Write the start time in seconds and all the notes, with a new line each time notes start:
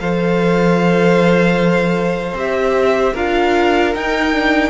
0.00 F3 A4 C5 F5
2.33 C4 G4 E5
3.13 D4 F4 A#4 F5
3.94 D#4 G5
4.33 D4